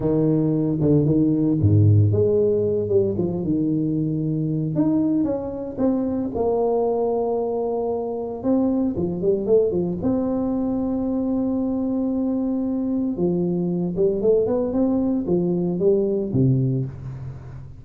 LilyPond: \new Staff \with { instrumentName = "tuba" } { \time 4/4 \tempo 4 = 114 dis4. d8 dis4 gis,4 | gis4. g8 f8 dis4.~ | dis4 dis'4 cis'4 c'4 | ais1 |
c'4 f8 g8 a8 f8 c'4~ | c'1~ | c'4 f4. g8 a8 b8 | c'4 f4 g4 c4 | }